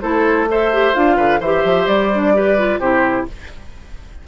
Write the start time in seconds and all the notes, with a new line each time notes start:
0.00 A3 E4 A4 C5
0.49 A4 C5 E5
0.72 G4
0.93 D4 F4 F5
1.16 D3 B4
1.40 E3 G4 C5 E5
1.64 F3
1.87 G3 D5
2.13 D4
2.34 G4 B4
2.58 F4
2.79 C3 E4 G4 C5